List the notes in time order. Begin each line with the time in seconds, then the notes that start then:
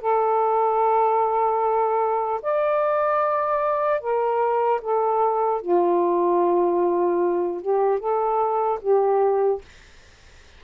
0.00 A4
2.42 D5
4.00 A#4
4.81 A4
5.61 F4
7.61 G4
7.99 A4
8.81 G4